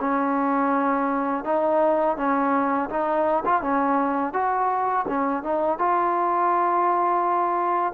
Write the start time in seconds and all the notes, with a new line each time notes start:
0.00 C#4
1.45 D#4
2.17 C#4
2.89 D#4
3.45 F4
3.62 C#4
4.33 F#4
5.08 C#4
5.43 D#4
5.79 F4